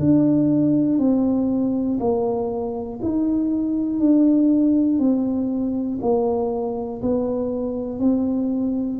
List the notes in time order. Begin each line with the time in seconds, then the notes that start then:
0.00 D4
0.99 C4
2.00 A#3
3.03 D#4
4.00 D4
5.00 C4
6.02 A#3
7.02 B3
8.00 C4